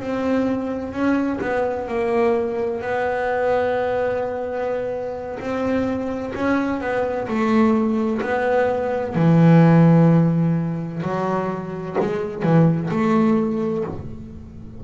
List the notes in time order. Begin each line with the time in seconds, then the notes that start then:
0.00 C4
0.92 C#4
1.41 B3
1.88 A#3
2.81 B3
5.39 C4
6.35 C#4
6.80 B3
7.27 A3
8.22 B3
9.14 E3
11.02 F#3
12.00 G#3
12.43 E3
12.90 A3